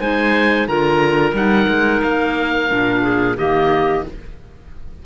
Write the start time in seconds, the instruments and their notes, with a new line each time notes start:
0.00 cello G#3, clarinet D#4 C5, oboe G#5
0.68 cello D3, clarinet F4 A#4, oboe A#5
1.33 cello G3, clarinet D#4, oboe F#5
1.68 cello G#3
2.02 cello A#3, oboe F5
2.68 cello A#2, clarinet D4
3.02 clarinet G#4
3.37 cello D#3, clarinet A#3 G4, oboe D#5